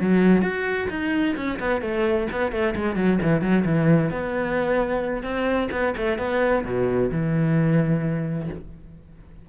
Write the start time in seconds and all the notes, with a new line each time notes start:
0.00 F#3
0.42 F#4
0.90 D#4
1.36 C#4
1.59 B3
1.82 A3
2.32 B3
2.51 A3
2.75 G#3
2.96 F#3
3.22 E3
3.41 F#3
3.65 E3
4.10 B3
5.23 C4
5.71 B3
5.97 A3
6.18 B3
6.64 B2
7.11 E3